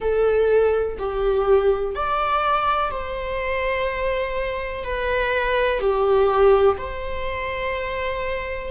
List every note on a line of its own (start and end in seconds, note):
0.00 0.97 A4
0.98 1.95 G4
1.95 2.91 D5
2.91 4.83 C5
4.83 5.79 B4
5.79 6.76 G4
6.77 8.70 C5